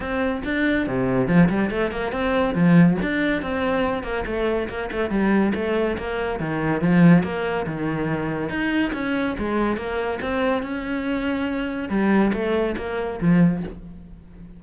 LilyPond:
\new Staff \with { instrumentName = "cello" } { \time 4/4 \tempo 4 = 141 c'4 d'4 c4 f8 g8 | a8 ais8 c'4 f4 d'4 | c'4. ais8 a4 ais8 a8 | g4 a4 ais4 dis4 |
f4 ais4 dis2 | dis'4 cis'4 gis4 ais4 | c'4 cis'2. | g4 a4 ais4 f4 | }